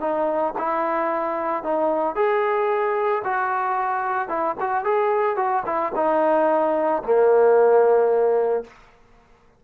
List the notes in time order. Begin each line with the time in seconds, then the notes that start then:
0.00 D#4
0.58 E4
1.63 D#4
2.15 G#4
3.24 F#4
4.28 E4
4.60 F#4
4.84 G#4
5.36 F#4
5.65 E4
5.95 D#4
7.03 A#3